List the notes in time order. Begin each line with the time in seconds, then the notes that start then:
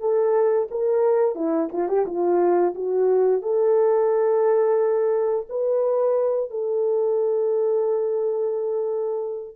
0.00 A4
0.71 A#4
1.35 E4
1.72 F4
1.88 G4
2.06 F4
2.75 F#4
3.42 A4
5.49 B4
6.50 A4